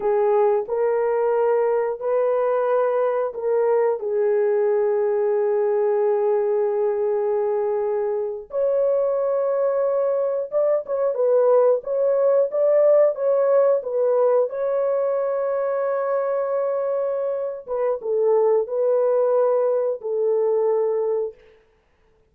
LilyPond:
\new Staff \with { instrumentName = "horn" } { \time 4/4 \tempo 4 = 90 gis'4 ais'2 b'4~ | b'4 ais'4 gis'2~ | gis'1~ | gis'8. cis''2. d''16~ |
d''16 cis''8 b'4 cis''4 d''4 cis''16~ | cis''8. b'4 cis''2~ cis''16~ | cis''2~ cis''8 b'8 a'4 | b'2 a'2 | }